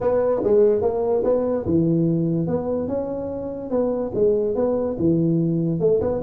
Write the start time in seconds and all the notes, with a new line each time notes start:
0.00 B3
0.43 G#3
0.81 A#3
1.24 B3
1.66 E3
2.47 B3
2.87 C#4
3.70 B3
4.14 G#3
4.55 B3
4.98 E3
5.79 A3
6.01 B3